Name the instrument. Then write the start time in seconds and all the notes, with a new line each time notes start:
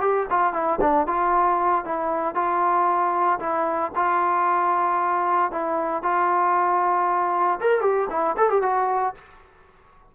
trombone
0.00 G4
0.30 F4
0.53 E4
0.80 D4
1.06 F4
1.84 E4
2.35 F4
3.39 E4
3.95 F4
5.51 E4
6.03 F4
7.60 A#4
7.81 G4
8.10 E4
8.37 A4
8.49 G4
8.62 F#4